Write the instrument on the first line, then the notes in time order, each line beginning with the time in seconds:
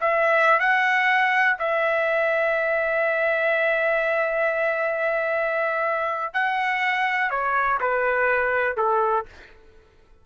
trumpet
0.00 E5
0.59 F#5
1.59 E5
6.33 F#5
7.30 C#5
7.80 B4
8.76 A4